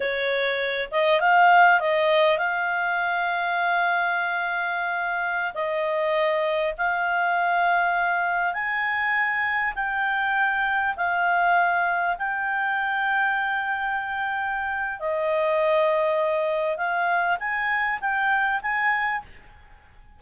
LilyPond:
\new Staff \with { instrumentName = "clarinet" } { \time 4/4 \tempo 4 = 100 cis''4. dis''8 f''4 dis''4 | f''1~ | f''4~ f''16 dis''2 f''8.~ | f''2~ f''16 gis''4.~ gis''16~ |
gis''16 g''2 f''4.~ f''16~ | f''16 g''2.~ g''8.~ | g''4 dis''2. | f''4 gis''4 g''4 gis''4 | }